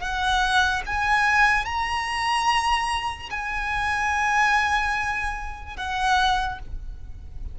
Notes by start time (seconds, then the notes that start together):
0.00 F#5
0.86 G#5
1.66 A#5
3.30 G#5
5.77 F#5